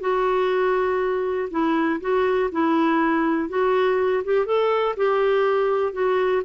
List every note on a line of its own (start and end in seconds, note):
0.00 1.49 F#4
1.50 2.00 E4
2.00 2.50 F#4
2.52 3.49 E4
3.49 4.23 F#4
4.24 4.45 G4
4.45 4.95 A4
4.97 5.92 G4
5.92 6.42 F#4